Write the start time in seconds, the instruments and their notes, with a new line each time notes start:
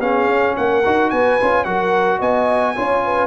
0.00 tuba B3, trombone C#4, horn G#4, trumpet F5
0.27 tuba C#4
0.57 tuba A#3, horn A#4, trumpet F#5
0.86 tuba D#4, trombone F#4
1.11 tuba B3, horn B4, trumpet G#5
1.41 tuba C#4, trombone F4
1.65 tuba F#3, trombone F#4, horn A#4, trumpet F#5
2.19 tuba B3, horn D#5, trumpet G#5
2.76 tuba C#4, trombone F4, horn C#5
3.05 horn B4